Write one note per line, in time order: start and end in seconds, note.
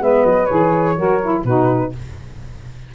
0.00 0.24 G#3
0.00 0.48 B3
0.00 0.96 B4
0.00 0.25 E5
0.25 0.48 F#3
0.25 0.45 D#5
0.45 0.98 E3
0.45 0.96 G#4
0.45 1.41 C#5
0.96 1.44 F#3
0.96 1.20 F#4
0.96 1.42 A#4
1.22 1.46 E4
1.42 1.92 B2
1.42 1.94 D#4
1.42 1.89 F#4
1.42 1.92 B4